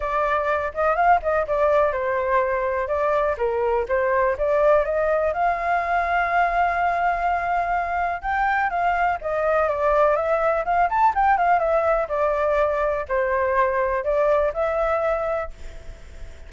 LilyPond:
\new Staff \with { instrumentName = "flute" } { \time 4/4 \tempo 4 = 124 d''4. dis''8 f''8 dis''8 d''4 | c''2 d''4 ais'4 | c''4 d''4 dis''4 f''4~ | f''1~ |
f''4 g''4 f''4 dis''4 | d''4 e''4 f''8 a''8 g''8 f''8 | e''4 d''2 c''4~ | c''4 d''4 e''2 | }